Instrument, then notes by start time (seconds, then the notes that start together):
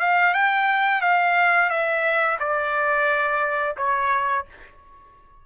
trumpet
0.00 F5
0.34 G5
1.02 F5
1.70 E5
2.40 D5
3.77 C#5